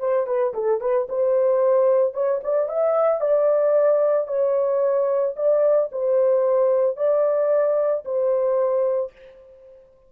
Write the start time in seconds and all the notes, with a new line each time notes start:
0.00 C5
0.27 B4
0.54 A4
0.81 B4
1.09 C5
2.14 C#5
2.44 D5
2.69 E5
3.21 D5
4.28 C#5
5.37 D5
5.92 C5
6.97 D5
8.05 C5